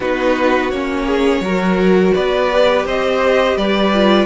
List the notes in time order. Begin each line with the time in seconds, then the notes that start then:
0.00 B3 D#4 F#4 B4
0.70 A#3 C#4 C#5
1.05 G#4
1.40 F#3 F#4 A#4
2.14 B3 B4 D5
2.50 G4
2.85 C4 C5 D#5
3.56 G3 B4 D5
3.94 F4